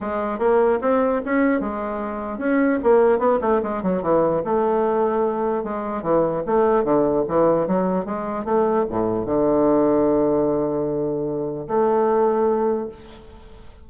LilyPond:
\new Staff \with { instrumentName = "bassoon" } { \time 4/4 \tempo 4 = 149 gis4 ais4 c'4 cis'4 | gis2 cis'4 ais4 | b8 a8 gis8 fis8 e4 a4~ | a2 gis4 e4 |
a4 d4 e4 fis4 | gis4 a4 a,4 d4~ | d1~ | d4 a2. | }